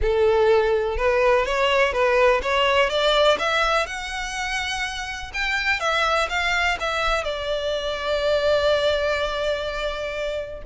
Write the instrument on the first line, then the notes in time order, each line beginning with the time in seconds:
violin
0.01 A4
0.97 B4
1.45 C#5
1.92 B4
2.42 C#5
2.89 D5
3.38 E5
3.86 F#5
5.33 G5
5.80 E5
6.29 F5
6.79 E5
7.23 D5